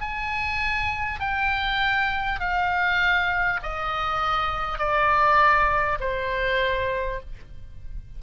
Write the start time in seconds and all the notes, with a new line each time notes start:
0.00 G#5
1.20 G5
2.39 F5
3.62 D#5
4.78 D5
5.99 C5